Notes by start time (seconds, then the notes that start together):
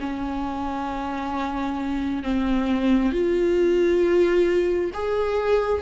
0.00 C#4
2.23 C4
3.12 F4
4.94 G#4